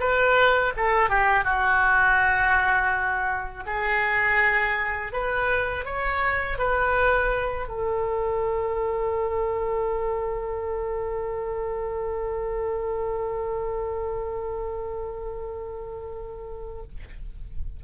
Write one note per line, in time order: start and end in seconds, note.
0.00 0.73 B4
0.77 1.10 A4
1.10 1.45 G4
1.45 3.64 F#4
3.67 5.13 G#4
5.13 5.86 B4
5.86 6.59 C#5
6.59 7.68 B4
7.68 16.83 A4